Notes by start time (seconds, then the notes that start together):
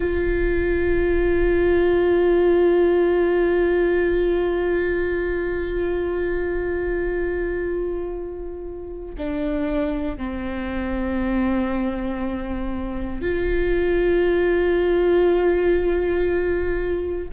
0.00 F4
9.17 D4
10.17 C4
13.22 F4